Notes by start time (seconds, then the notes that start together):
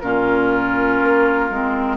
0.00 A#2 C#4 F4 A#4
1.02 A#3
1.50 G#3 C4